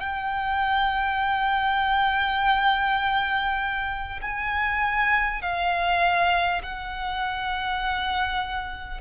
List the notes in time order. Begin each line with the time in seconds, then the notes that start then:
0.00 G5
4.22 G#5
5.42 F5
6.63 F#5